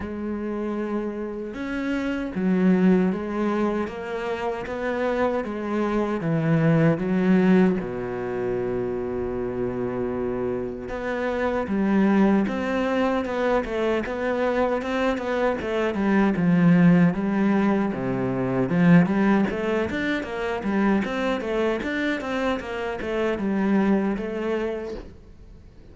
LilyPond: \new Staff \with { instrumentName = "cello" } { \time 4/4 \tempo 4 = 77 gis2 cis'4 fis4 | gis4 ais4 b4 gis4 | e4 fis4 b,2~ | b,2 b4 g4 |
c'4 b8 a8 b4 c'8 b8 | a8 g8 f4 g4 c4 | f8 g8 a8 d'8 ais8 g8 c'8 a8 | d'8 c'8 ais8 a8 g4 a4 | }